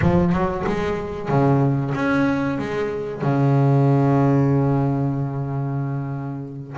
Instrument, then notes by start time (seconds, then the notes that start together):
double bass
0.01 F3
0.32 F#3
0.67 G#3
1.28 C#3
1.94 C#4
2.58 G#3
3.21 C#3